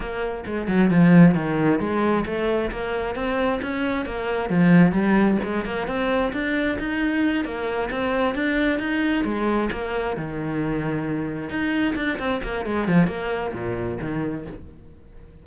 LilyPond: \new Staff \with { instrumentName = "cello" } { \time 4/4 \tempo 4 = 133 ais4 gis8 fis8 f4 dis4 | gis4 a4 ais4 c'4 | cis'4 ais4 f4 g4 | gis8 ais8 c'4 d'4 dis'4~ |
dis'8 ais4 c'4 d'4 dis'8~ | dis'8 gis4 ais4 dis4.~ | dis4. dis'4 d'8 c'8 ais8 | gis8 f8 ais4 ais,4 dis4 | }